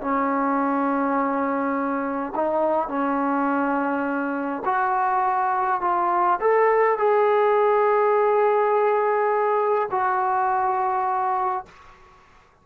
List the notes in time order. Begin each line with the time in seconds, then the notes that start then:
0.00 C#4
2.35 D#4
2.88 C#4
4.65 F#4
5.81 F4
6.40 A4
6.97 G#4
9.90 F#4